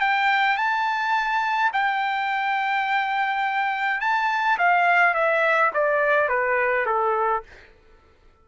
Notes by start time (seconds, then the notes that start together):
0.00 G5
0.57 A5
1.73 G5
4.01 A5
4.58 F5
5.14 E5
5.74 D5
6.28 B4
6.86 A4